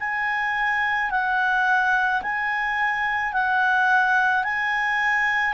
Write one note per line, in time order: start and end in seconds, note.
0.00 1.11 G#5
1.11 2.22 F#5
2.22 3.33 G#5
3.33 4.44 F#5
4.44 5.54 G#5